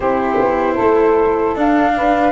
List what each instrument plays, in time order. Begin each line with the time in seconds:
0.00 tuba C4, cello E4, saxophone G4, flute C5
0.39 tuba B3
0.74 tuba A3, saxophone A4
1.55 tuba D4, cello D4, flute F5
1.96 saxophone B4